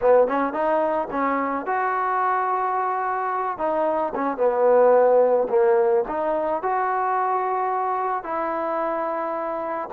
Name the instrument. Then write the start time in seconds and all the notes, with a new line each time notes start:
trombone
0.01 B3
0.27 C#4
0.53 D#4
1.10 C#4
1.66 F#4
3.58 D#4
4.14 C#4
4.37 B3
5.49 A#3
6.08 D#4
6.62 F#4
8.23 E4